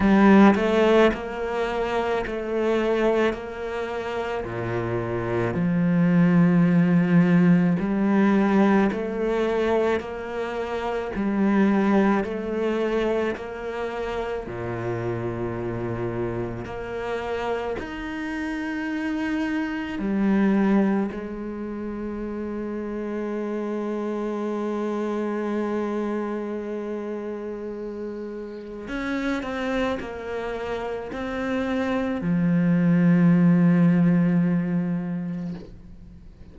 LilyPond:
\new Staff \with { instrumentName = "cello" } { \time 4/4 \tempo 4 = 54 g8 a8 ais4 a4 ais4 | ais,4 f2 g4 | a4 ais4 g4 a4 | ais4 ais,2 ais4 |
dis'2 g4 gis4~ | gis1~ | gis2 cis'8 c'8 ais4 | c'4 f2. | }